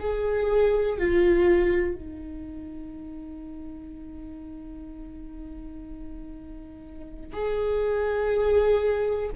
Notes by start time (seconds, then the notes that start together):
0.00 G#4
0.98 F4
1.95 D#4
7.34 G#4